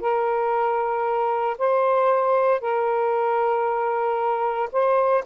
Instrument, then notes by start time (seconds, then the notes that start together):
saxophone
0.00 A#4
1.58 C5
2.60 A#4
4.72 C5